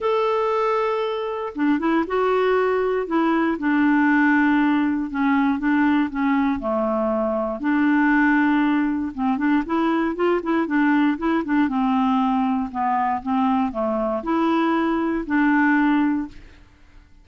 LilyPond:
\new Staff \with { instrumentName = "clarinet" } { \time 4/4 \tempo 4 = 118 a'2. d'8 e'8 | fis'2 e'4 d'4~ | d'2 cis'4 d'4 | cis'4 a2 d'4~ |
d'2 c'8 d'8 e'4 | f'8 e'8 d'4 e'8 d'8 c'4~ | c'4 b4 c'4 a4 | e'2 d'2 | }